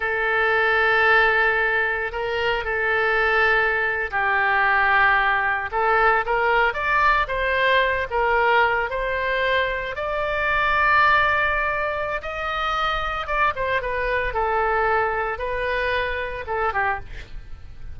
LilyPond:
\new Staff \with { instrumentName = "oboe" } { \time 4/4 \tempo 4 = 113 a'1 | ais'4 a'2~ a'8. g'16~ | g'2~ g'8. a'4 ais'16~ | ais'8. d''4 c''4. ais'8.~ |
ais'8. c''2 d''4~ d''16~ | d''2. dis''4~ | dis''4 d''8 c''8 b'4 a'4~ | a'4 b'2 a'8 g'8 | }